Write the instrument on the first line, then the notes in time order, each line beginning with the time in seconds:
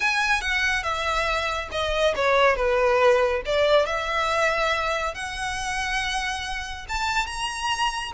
violin
0.00 G#5
0.41 F#5
0.83 E5
1.71 D#5
2.15 C#5
2.56 B4
3.45 D5
3.86 E5
5.14 F#5
6.88 A5
7.26 A#5